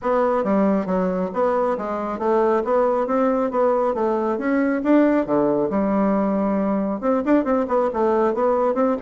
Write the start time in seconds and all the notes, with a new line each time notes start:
0.01 B3
0.44 G3
0.86 F#3
1.33 B3
1.77 G#3
2.19 A3
2.64 B3
3.07 C4
3.51 B3
3.94 A3
4.38 C#4
4.83 D4
5.26 D3
5.70 G3
7.00 C4
7.25 D4
7.44 C4
7.68 B3
7.93 A3
8.34 B3
8.74 C4